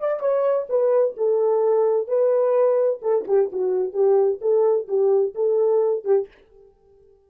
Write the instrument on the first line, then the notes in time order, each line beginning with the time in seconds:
horn
0.00 D5
0.20 C#5
0.69 B4
1.17 A4
2.07 B4
3.02 A4
3.28 G4
3.52 F#4
3.93 G4
4.41 A4
4.88 G4
5.34 A4
6.04 G4